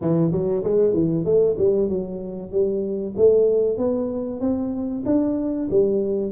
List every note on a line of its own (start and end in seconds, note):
0.01 0.31 E3
0.31 0.63 F#3
0.63 0.93 G#3
0.93 1.25 E3
1.25 1.56 A3
1.58 1.89 G3
1.89 2.51 F#3
2.51 3.14 G3
3.16 3.77 A3
3.77 4.40 B3
4.40 5.03 C4
5.05 5.68 D4
5.70 6.31 G3